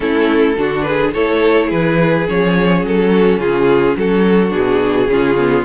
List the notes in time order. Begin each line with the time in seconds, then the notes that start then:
0.00 A3 C#4 E4 A4
0.57 D3 D4 F#4
0.82 G#4 B4
1.13 A3 E4 A4 C#5
1.66 E3 G#4 B4
2.27 F3 C#4 C#5
2.83 F#3 A4
3.11 F#4
3.37 C#3 F4 G#4
3.96 F#3 F#4 A4
4.50 B2 D4 G#4
5.08 C#3 C#4 F4
5.38 B3